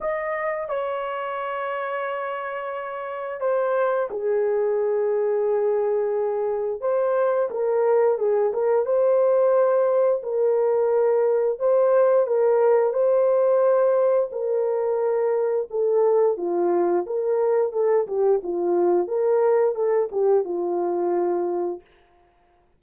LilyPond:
\new Staff \with { instrumentName = "horn" } { \time 4/4 \tempo 4 = 88 dis''4 cis''2.~ | cis''4 c''4 gis'2~ | gis'2 c''4 ais'4 | gis'8 ais'8 c''2 ais'4~ |
ais'4 c''4 ais'4 c''4~ | c''4 ais'2 a'4 | f'4 ais'4 a'8 g'8 f'4 | ais'4 a'8 g'8 f'2 | }